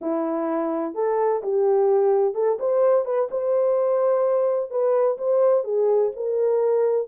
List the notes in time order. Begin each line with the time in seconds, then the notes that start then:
0.01 E4
0.94 A4
1.43 G4
2.34 A4
2.59 C5
3.05 B4
3.30 C5
4.70 B4
5.18 C5
5.64 G#4
6.15 A#4